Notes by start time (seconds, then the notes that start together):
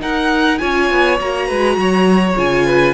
0.00 D#4 A#4 F#5
0.58 C#4 F4 C#5 G#5
0.91 B3
1.20 A#3 F#4 A#5
1.47 G#3 B4
1.77 F#3 C#5
2.36 C#3 F4 G#5
2.65 B4